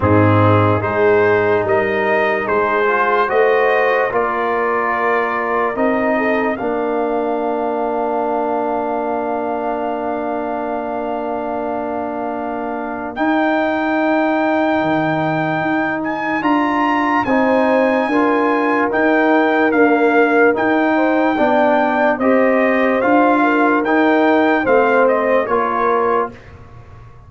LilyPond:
<<
  \new Staff \with { instrumentName = "trumpet" } { \time 4/4 \tempo 4 = 73 gis'4 c''4 dis''4 c''4 | dis''4 d''2 dis''4 | f''1~ | f''1 |
g''2.~ g''8 gis''8 | ais''4 gis''2 g''4 | f''4 g''2 dis''4 | f''4 g''4 f''8 dis''8 cis''4 | }
  \new Staff \with { instrumentName = "horn" } { \time 4/4 dis'4 gis'4 ais'4 gis'4 | c''4 ais'2~ ais'8 a'8 | ais'1~ | ais'1~ |
ais'1~ | ais'4 c''4 ais'2~ | ais'4. c''8 d''4 c''4~ | c''8 ais'4. c''4 ais'4 | }
  \new Staff \with { instrumentName = "trombone" } { \time 4/4 c'4 dis'2~ dis'8 f'8 | fis'4 f'2 dis'4 | d'1~ | d'1 |
dis'1 | f'4 dis'4 f'4 dis'4 | ais4 dis'4 d'4 g'4 | f'4 dis'4 c'4 f'4 | }
  \new Staff \with { instrumentName = "tuba" } { \time 4/4 gis,4 gis4 g4 gis4 | a4 ais2 c'4 | ais1~ | ais1 |
dis'2 dis4 dis'4 | d'4 c'4 d'4 dis'4 | d'4 dis'4 b4 c'4 | d'4 dis'4 a4 ais4 | }
>>